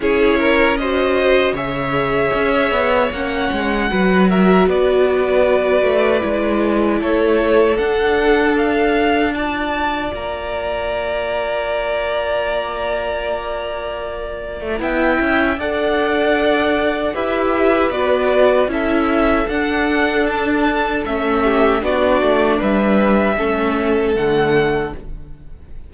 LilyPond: <<
  \new Staff \with { instrumentName = "violin" } { \time 4/4 \tempo 4 = 77 cis''4 dis''4 e''2 | fis''4. e''8 d''2~ | d''4 cis''4 fis''4 f''4 | a''4 ais''2.~ |
ais''2. g''4 | fis''2 e''4 d''4 | e''4 fis''4 a''4 e''4 | d''4 e''2 fis''4 | }
  \new Staff \with { instrumentName = "violin" } { \time 4/4 gis'8 ais'8 c''4 cis''2~ | cis''4 b'8 ais'8 b'2~ | b'4 a'2. | d''1~ |
d''2. e''4 | d''2 b'2 | a'2.~ a'8 g'8 | fis'4 b'4 a'2 | }
  \new Staff \with { instrumentName = "viola" } { \time 4/4 e'4 fis'4 gis'2 | cis'4 fis'2. | e'2 d'2 | f'1~ |
f'2. e'4 | a'2 g'4 fis'4 | e'4 d'2 cis'4 | d'2 cis'4 a4 | }
  \new Staff \with { instrumentName = "cello" } { \time 4/4 cis'2 cis4 cis'8 b8 | ais8 gis8 fis4 b4. a8 | gis4 a4 d'2~ | d'4 ais2.~ |
ais2~ ais8. a16 b8 cis'8 | d'2 e'4 b4 | cis'4 d'2 a4 | b8 a8 g4 a4 d4 | }
>>